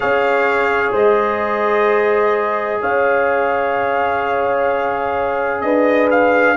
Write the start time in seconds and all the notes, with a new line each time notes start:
0.00 C#4 G#4 C#5 F5
0.92 G#3 C5 D#5
2.81 C#4 C#5 F5
5.61 D4 B4 D#5
6.10 F5